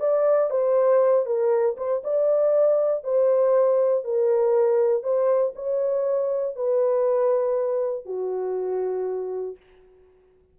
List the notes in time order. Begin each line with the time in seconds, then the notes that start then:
0.00 D5
0.51 C5
1.26 A#4
1.77 C5
2.04 D5
3.04 C5
4.05 A#4
5.03 C5
5.56 C#5
6.56 B4
8.06 F#4